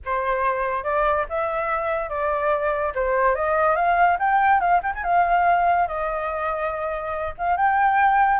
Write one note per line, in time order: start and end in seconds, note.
0.05 0.83 C5
0.83 1.25 D5
1.29 2.09 E5
2.09 2.93 D5
2.94 3.35 C5
3.35 3.75 D#5
3.75 4.17 F5
4.19 4.60 G5
4.60 4.81 F5
4.82 4.93 G5
4.94 5.03 G#5
5.03 5.87 F5
5.87 7.34 D#5
7.38 7.57 F5
7.57 8.40 G5